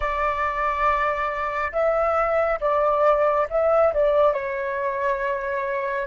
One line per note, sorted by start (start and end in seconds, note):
0.00 1.71 D5
1.72 2.59 E5
2.60 3.47 D5
3.49 3.93 E5
3.93 4.33 D5
4.33 6.06 C#5